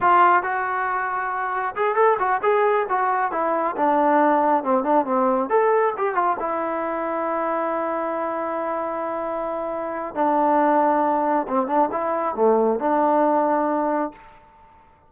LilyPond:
\new Staff \with { instrumentName = "trombone" } { \time 4/4 \tempo 4 = 136 f'4 fis'2. | gis'8 a'8 fis'8 gis'4 fis'4 e'8~ | e'8 d'2 c'8 d'8 c'8~ | c'8 a'4 g'8 f'8 e'4.~ |
e'1~ | e'2. d'4~ | d'2 c'8 d'8 e'4 | a4 d'2. | }